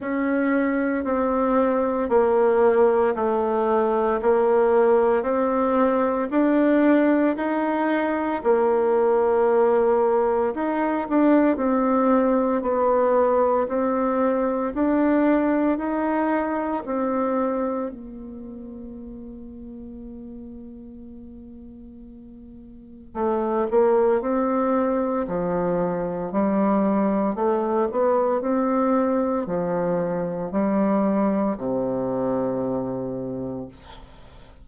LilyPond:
\new Staff \with { instrumentName = "bassoon" } { \time 4/4 \tempo 4 = 57 cis'4 c'4 ais4 a4 | ais4 c'4 d'4 dis'4 | ais2 dis'8 d'8 c'4 | b4 c'4 d'4 dis'4 |
c'4 ais2.~ | ais2 a8 ais8 c'4 | f4 g4 a8 b8 c'4 | f4 g4 c2 | }